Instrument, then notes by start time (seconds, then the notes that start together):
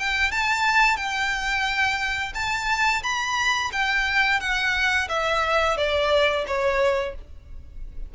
violin
0.00 G5
0.32 A5
0.97 G5
2.35 A5
3.03 B5
3.73 G5
4.41 F#5
5.09 E5
5.77 D5
6.47 C#5